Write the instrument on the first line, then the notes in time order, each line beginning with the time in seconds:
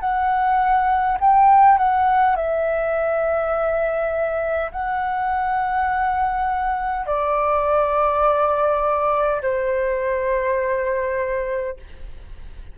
flute
0.00 F#5
1.20 G5
1.78 F#5
2.36 E5
4.72 F#5
7.06 D5
9.42 C5